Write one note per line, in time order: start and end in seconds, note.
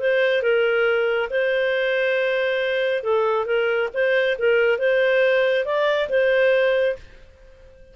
0.00 0.42 C5
0.42 1.29 A#4
1.30 3.03 C5
3.03 3.46 A4
3.46 3.89 A#4
3.94 4.37 C5
4.39 4.78 A#4
4.78 5.65 C5
5.65 6.09 D5
6.09 6.96 C5